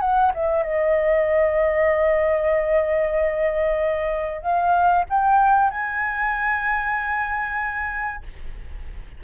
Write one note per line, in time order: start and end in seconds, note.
0.00 0.32 F#5
0.34 0.63 E5
0.63 4.42 D#5
4.42 5.05 F5
5.10 5.71 G5
5.71 8.23 G#5